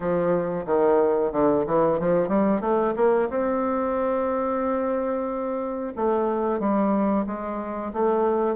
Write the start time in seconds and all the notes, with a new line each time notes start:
0.00 F3
0.66 D#3
1.32 D3
1.66 E3
1.99 F3
2.28 G3
2.60 A3
2.96 A#3
3.29 C4
5.96 A3
6.59 G3
7.26 G#3
7.93 A3